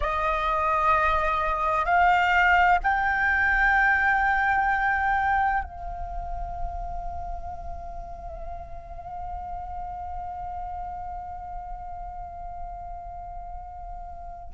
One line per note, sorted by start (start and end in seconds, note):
0.00 1.85 D#5
1.85 2.79 F5
2.83 5.63 G5
5.63 14.53 F5